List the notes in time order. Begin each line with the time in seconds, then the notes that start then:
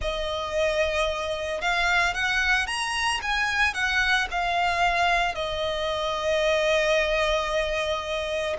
0.01 D#5
1.61 F5
2.14 F#5
2.66 A#5
3.21 G#5
3.74 F#5
4.31 F5
5.34 D#5